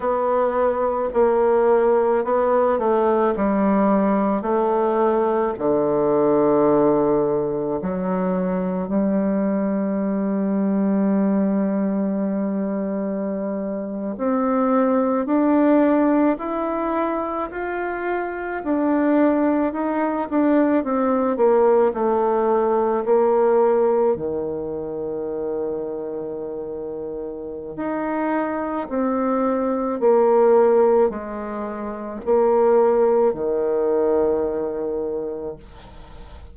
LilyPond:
\new Staff \with { instrumentName = "bassoon" } { \time 4/4 \tempo 4 = 54 b4 ais4 b8 a8 g4 | a4 d2 fis4 | g1~ | g8. c'4 d'4 e'4 f'16~ |
f'8. d'4 dis'8 d'8 c'8 ais8 a16~ | a8. ais4 dis2~ dis16~ | dis4 dis'4 c'4 ais4 | gis4 ais4 dis2 | }